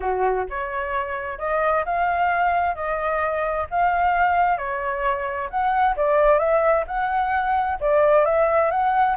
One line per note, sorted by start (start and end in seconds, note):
0.00 0.45 F#4
0.49 1.38 C#5
1.38 1.84 D#5
1.85 2.75 F5
2.75 3.66 D#5
3.70 4.57 F5
4.57 5.49 C#5
5.49 5.95 F#5
5.96 6.38 D5
6.38 6.84 E5
6.87 7.78 F#5
7.80 8.25 D5
8.25 8.70 E5
8.70 9.16 F#5